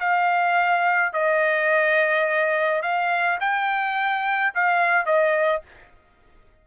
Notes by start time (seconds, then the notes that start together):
0.00 F5
1.13 D#5
2.83 F5
3.41 G5
4.55 F5
5.06 D#5